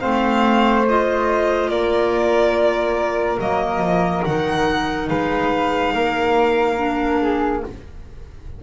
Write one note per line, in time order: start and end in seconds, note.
0.00 1.69 A3
0.00 0.85 C4
0.00 1.70 C5
0.00 0.85 F5
0.88 3.40 F4
0.88 1.70 D#5
1.69 3.38 A#3
1.69 5.08 A#4
1.69 3.39 D5
3.39 3.80 F#3
3.39 4.24 A#3
3.39 4.24 D#5
3.80 4.22 F3
4.24 5.10 D#3
4.24 6.77 D#4
4.24 5.08 F#5
5.08 5.93 G#3
5.08 5.93 B4
5.08 7.62 F5
5.93 7.62 A#3
5.93 7.20 A#4
6.77 7.62 D4
7.21 7.63 G#4